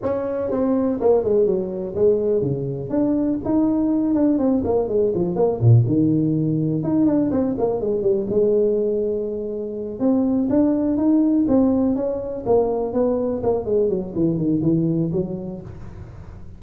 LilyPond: \new Staff \with { instrumentName = "tuba" } { \time 4/4 \tempo 4 = 123 cis'4 c'4 ais8 gis8 fis4 | gis4 cis4 d'4 dis'4~ | dis'8 d'8 c'8 ais8 gis8 f8 ais8 ais,8 | dis2 dis'8 d'8 c'8 ais8 |
gis8 g8 gis2.~ | gis8 c'4 d'4 dis'4 c'8~ | c'8 cis'4 ais4 b4 ais8 | gis8 fis8 e8 dis8 e4 fis4 | }